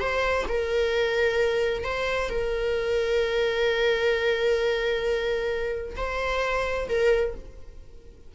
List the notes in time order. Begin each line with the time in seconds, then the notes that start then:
0.00 C5
0.48 A#4
1.84 C5
2.30 A#4
5.97 C5
6.89 A#4